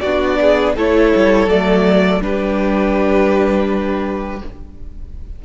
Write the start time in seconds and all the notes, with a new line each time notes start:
0.00 B3 D4 F#4 D5
0.40 G#4
0.75 A3 E4 A4 C#5
1.15 G3
1.46 F#3 A3 D5
2.21 G3 D4 G4 B4